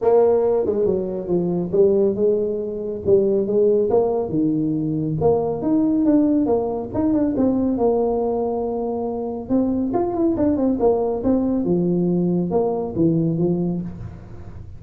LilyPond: \new Staff \with { instrumentName = "tuba" } { \time 4/4 \tempo 4 = 139 ais4. gis8 fis4 f4 | g4 gis2 g4 | gis4 ais4 dis2 | ais4 dis'4 d'4 ais4 |
dis'8 d'8 c'4 ais2~ | ais2 c'4 f'8 e'8 | d'8 c'8 ais4 c'4 f4~ | f4 ais4 e4 f4 | }